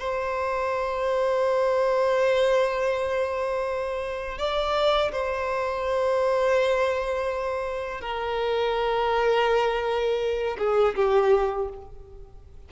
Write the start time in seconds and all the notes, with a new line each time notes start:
0.00 C5
4.39 D5
5.13 C5
8.02 A#4
10.59 G#4
10.96 G4